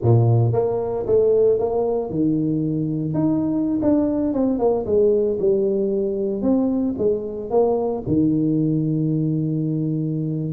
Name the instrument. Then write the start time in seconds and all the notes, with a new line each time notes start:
tuba
0.02 A#2
0.52 A#3
1.06 A3
1.58 A#3
2.10 D#3
3.14 D#4
3.82 D4
4.33 C4
4.58 A#3
4.85 G#3
5.39 G3
6.42 C4
6.98 G#3
7.50 A#3
8.07 D#3